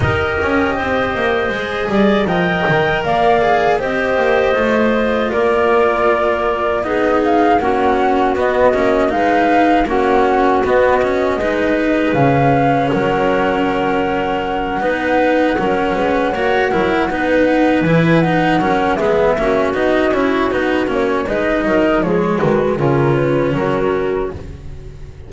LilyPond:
<<
  \new Staff \with { instrumentName = "flute" } { \time 4/4 \tempo 4 = 79 dis''2. g''4 | f''4 dis''2 d''4~ | d''4 dis''8 f''8 fis''4 dis''4 | f''4 fis''4 dis''2 |
f''4 fis''2.~ | fis''2.~ fis''8 gis''8 | fis''4 e''4 dis''8 cis''8 b'8 cis''8 | dis''4 cis''8 b'8 ais'8 b'8 ais'4 | }
  \new Staff \with { instrumentName = "clarinet" } { \time 4/4 ais'4 c''4. d''8 dis''4 | d''4 c''2 ais'4~ | ais'4 gis'4 fis'2 | b'4 fis'2 b'4~ |
b'4 ais'2~ ais'8 b'8~ | b'8 ais'8 b'8 cis''8 ais'8 b'4.~ | b'8 ais'8 gis'8 fis'2~ fis'8 | b'8 ais'8 gis'8 fis'8 f'4 fis'4 | }
  \new Staff \with { instrumentName = "cello" } { \time 4/4 g'2 gis'4 ais'4~ | ais'8 gis'8 g'4 f'2~ | f'4 dis'4 cis'4 b8 cis'8 | dis'4 cis'4 b8 cis'8 dis'4 |
cis'2.~ cis'8 dis'8~ | dis'8 cis'4 fis'8 e'8 dis'4 e'8 | dis'8 cis'8 b8 cis'8 dis'8 e'8 dis'8 cis'8 | dis'4 gis4 cis'2 | }
  \new Staff \with { instrumentName = "double bass" } { \time 4/4 dis'8 cis'8 c'8 ais8 gis8 g8 f8 dis8 | ais4 c'8 ais8 a4 ais4~ | ais4 b4 ais4 b8 ais8 | gis4 ais4 b4 gis4 |
cis4 fis2~ fis8 b8~ | b8 fis8 gis8 ais8 fis8 b4 e8~ | e8 fis8 gis8 ais8 b8 cis'8 b8 ais8 | gis8 fis8 f8 dis8 cis4 fis4 | }
>>